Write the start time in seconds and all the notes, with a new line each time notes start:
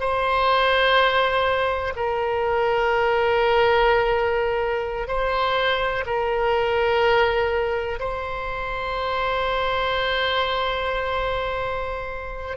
0.00 C5
1.96 A#4
5.07 C5
6.06 A#4
7.99 C5